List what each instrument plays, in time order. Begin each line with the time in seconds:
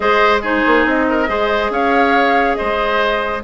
0.00 bassoon G#3, clarinet G#4, oboe C5, flute D#5
0.41 clarinet D#4, oboe G#4, flute C5
0.66 bassoon A#3
0.85 bassoon C4, flute D#5
1.09 oboe A#4
1.27 bassoon G#3, clarinet G#4, oboe C5
1.70 bassoon C#4, oboe C#5, flute F5
2.55 bassoon G#3, oboe C5, flute D#5